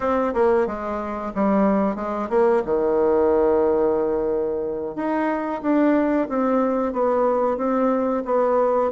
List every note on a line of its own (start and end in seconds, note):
0.00 0.33 C4
0.34 0.66 A#3
0.66 1.32 G#3
1.34 1.95 G3
1.95 2.28 G#3
2.29 2.62 A#3
2.65 4.95 D#3
4.95 5.61 D#4
5.62 6.28 D4
6.28 6.92 C4
6.92 7.57 B3
7.57 8.23 C4
8.25 8.91 B3